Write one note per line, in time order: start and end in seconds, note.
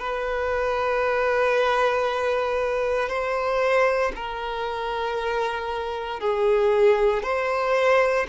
0.00 3.09 B4
3.09 4.12 C5
4.16 6.21 A#4
6.21 7.23 G#4
7.23 8.27 C5